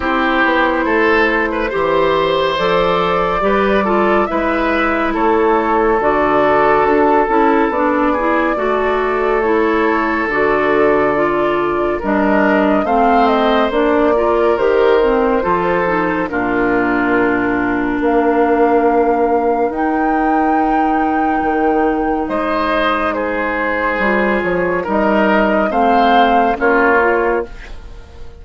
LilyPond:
<<
  \new Staff \with { instrumentName = "flute" } { \time 4/4 \tempo 4 = 70 c''2. d''4~ | d''4 e''4 cis''4 d''4 | a'4 d''2 cis''4 | d''2 dis''4 f''8 dis''8 |
d''4 c''2 ais'4~ | ais'4 f''2 g''4~ | g''2 dis''4 c''4~ | c''8 cis''8 dis''4 f''4 cis''4 | }
  \new Staff \with { instrumentName = "oboe" } { \time 4/4 g'4 a'8. b'16 c''2 | b'8 a'8 b'4 a'2~ | a'4. gis'8 a'2~ | a'2 ais'4 c''4~ |
c''8 ais'4. a'4 f'4~ | f'4 ais'2.~ | ais'2 c''4 gis'4~ | gis'4 ais'4 c''4 f'4 | }
  \new Staff \with { instrumentName = "clarinet" } { \time 4/4 e'2 g'4 a'4 | g'8 f'8 e'2 fis'4~ | fis'8 e'8 d'8 e'8 fis'4 e'4 | fis'4 f'4 d'4 c'4 |
d'8 f'8 g'8 c'8 f'8 dis'8 d'4~ | d'2. dis'4~ | dis'1 | f'4 dis'4 c'4 cis'8 f'8 | }
  \new Staff \with { instrumentName = "bassoon" } { \time 4/4 c'8 b8 a4 e4 f4 | g4 gis4 a4 d4 | d'8 cis'8 b4 a2 | d2 g4 a4 |
ais4 dis4 f4 ais,4~ | ais,4 ais2 dis'4~ | dis'4 dis4 gis2 | g8 f8 g4 a4 ais4 | }
>>